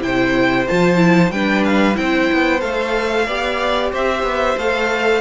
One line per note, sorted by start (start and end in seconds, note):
0.00 0.67 C3
0.00 0.65 E4
0.00 1.33 C5
0.00 0.68 G5
0.68 1.31 F3
0.68 0.96 F4
0.68 1.32 A5
0.96 1.29 E4
1.31 1.96 G3
1.31 1.94 D4
1.31 1.98 B4
1.31 1.64 G5
1.65 1.96 F5
1.94 2.30 C4
1.94 2.59 E4
1.94 3.27 C5
1.94 2.61 G5
2.33 2.62 B3
2.60 3.27 A3
2.60 3.26 A4
2.60 3.91 F5
3.27 3.92 B3
3.27 4.59 G4
3.27 3.92 D5
3.92 4.23 C4
3.92 5.21 C5
3.92 4.59 E5
4.23 4.55 B3
4.57 5.21 A3
4.57 5.21 A4
4.57 5.21 F5